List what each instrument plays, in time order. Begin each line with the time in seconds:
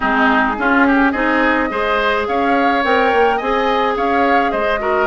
0.00 bassoon G#3, clarinet C4, oboe D#4, flute G#4
0.57 clarinet C#4, bassoon C#4, oboe F4
0.86 oboe G4
1.10 bassoon C4, clarinet D#4, oboe G#4, flute D#5
1.69 bassoon G#3, clarinet G#4, oboe C5
2.27 bassoon C#4, oboe C#5, flute F5
2.84 bassoon C4, clarinet A#4, flute G5
3.12 bassoon A#3
3.36 bassoon C4, clarinet G#4, oboe D#5, flute G#5
3.96 bassoon C#4, oboe C#5, flute F5
4.51 bassoon G#3, oboe C5, flute D#5
4.79 clarinet F#4, oboe A#4